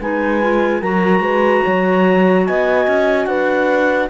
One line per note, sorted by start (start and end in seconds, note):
0.00 0.82 G#3
0.00 0.42 D#4
0.00 0.81 B4
0.00 0.82 G#5
0.42 0.83 F4
0.81 1.20 F#3
0.81 4.10 F#4
0.81 1.22 A#4
0.81 2.46 A#5
1.20 1.61 G#3
1.20 1.63 B4
1.63 2.48 F#3
1.63 2.46 C#5
2.46 2.87 B3
2.46 3.28 D#5
2.46 3.26 G#5
2.87 3.26 C#4
3.26 4.09 D4
3.26 4.10 B4
3.26 4.08 F#5